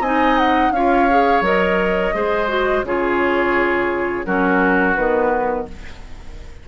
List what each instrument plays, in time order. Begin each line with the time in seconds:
0.00 bassoon C4, clarinet D#4, oboe D#5, flute G#5
0.38 flute F#5
0.71 bassoon C#4, clarinet F4, oboe C#5, flute F5
1.10 clarinet G#4
1.42 bassoon F#3, clarinet A#4, flute D#5
2.14 bassoon G#3, clarinet G#4, oboe C5
2.48 clarinet F#4
2.84 bassoon C#3, clarinet F4, oboe G#4, flute C#5
4.26 bassoon F#3, clarinet C#4, oboe F#4, flute A#4
4.95 bassoon D#3, clarinet B3, flute B4